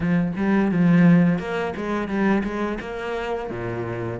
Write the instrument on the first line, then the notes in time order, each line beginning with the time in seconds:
cello
0.00 F3
0.36 G3
0.71 F3
1.38 A#3
1.76 G#3
2.08 G3
2.43 G#3
2.80 A#3
3.50 A#2